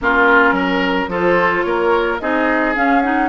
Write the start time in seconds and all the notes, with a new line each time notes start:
0.01 A#3 C#4 F4 A#4
0.51 F#3 A#4
1.07 F3 F4 A4 C5
1.62 A#3 A#4 C#5
2.19 C4 D#4 G#4 D#5
2.75 C#4 F5
3.01 D#4 F#5